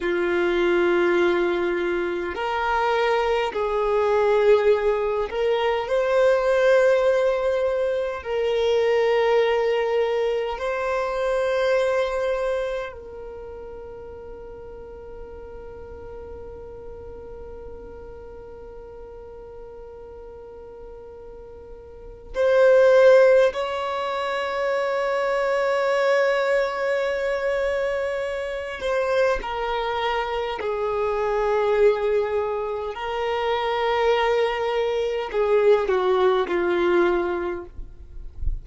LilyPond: \new Staff \with { instrumentName = "violin" } { \time 4/4 \tempo 4 = 51 f'2 ais'4 gis'4~ | gis'8 ais'8 c''2 ais'4~ | ais'4 c''2 ais'4~ | ais'1~ |
ais'2. c''4 | cis''1~ | cis''8 c''8 ais'4 gis'2 | ais'2 gis'8 fis'8 f'4 | }